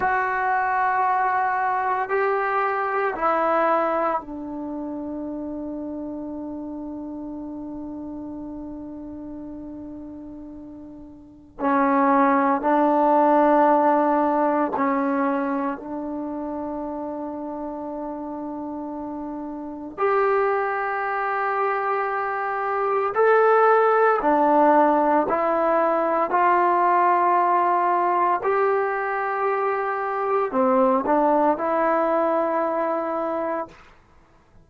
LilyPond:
\new Staff \with { instrumentName = "trombone" } { \time 4/4 \tempo 4 = 57 fis'2 g'4 e'4 | d'1~ | d'2. cis'4 | d'2 cis'4 d'4~ |
d'2. g'4~ | g'2 a'4 d'4 | e'4 f'2 g'4~ | g'4 c'8 d'8 e'2 | }